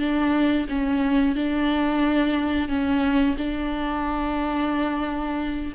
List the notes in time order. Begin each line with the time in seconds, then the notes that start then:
0.00 D4
0.70 C#4
1.36 D4
2.69 C#4
3.38 D4